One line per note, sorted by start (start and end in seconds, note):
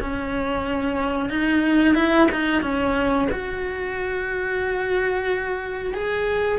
0.00 1.29 C#4
1.29 1.95 D#4
1.95 2.27 E4
2.31 2.62 D#4
2.62 3.28 C#4
3.31 5.93 F#4
5.93 6.58 G#4